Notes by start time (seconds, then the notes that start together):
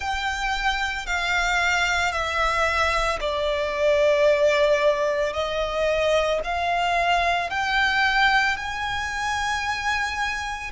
0.00 G5
1.06 F5
2.12 E5
3.20 D5
5.33 D#5
6.44 F5
7.50 G5
8.57 G#5